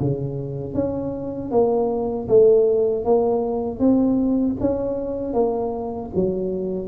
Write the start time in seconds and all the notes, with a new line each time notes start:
0.00 C#3
0.74 C#4
1.51 A#3
2.28 A3
3.05 A#3
3.80 C4
4.60 C#4
5.33 A#3
6.15 F#3